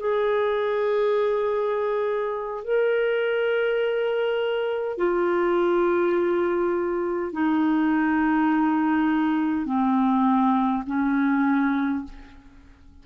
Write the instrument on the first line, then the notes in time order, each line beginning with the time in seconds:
clarinet
0.00 G#4
2.64 A#4
4.98 F4
7.33 D#4
9.66 C4
10.87 C#4